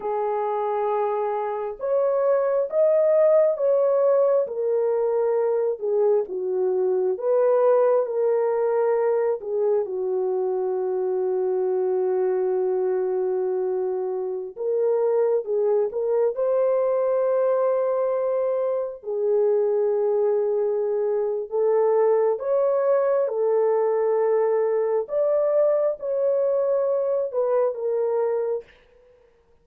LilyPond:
\new Staff \with { instrumentName = "horn" } { \time 4/4 \tempo 4 = 67 gis'2 cis''4 dis''4 | cis''4 ais'4. gis'8 fis'4 | b'4 ais'4. gis'8 fis'4~ | fis'1~ |
fis'16 ais'4 gis'8 ais'8 c''4.~ c''16~ | c''4~ c''16 gis'2~ gis'8. | a'4 cis''4 a'2 | d''4 cis''4. b'8 ais'4 | }